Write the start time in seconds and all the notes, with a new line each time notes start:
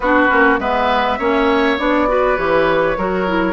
0.00 B3 D4 F#4 B4
0.28 A#3 C#4
0.58 G#3 B3 B4 E5
1.18 A#3 C#4 C#5
1.78 B3 D4 D5
2.08 F#4 B4
2.37 E3 G4 C#5
2.97 F#3 F#4 A#4
3.27 E4